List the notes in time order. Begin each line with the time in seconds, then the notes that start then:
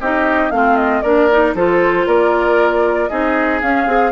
0.00 C4 D#4 G4 D#5
0.51 A3 C4 F4 F5
0.76 D#5
1.02 A#3 D4 A#4 D5
1.31 D#4
1.54 F3 F4 A4 C5
2.06 A#3 A#4 D5
3.08 C4 D#4 G#4 D#5
3.61 C#4 F5
3.87 C4 G#4